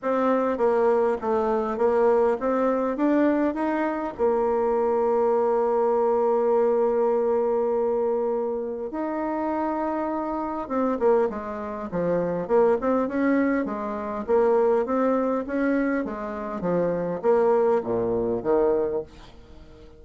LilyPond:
\new Staff \with { instrumentName = "bassoon" } { \time 4/4 \tempo 4 = 101 c'4 ais4 a4 ais4 | c'4 d'4 dis'4 ais4~ | ais1~ | ais2. dis'4~ |
dis'2 c'8 ais8 gis4 | f4 ais8 c'8 cis'4 gis4 | ais4 c'4 cis'4 gis4 | f4 ais4 ais,4 dis4 | }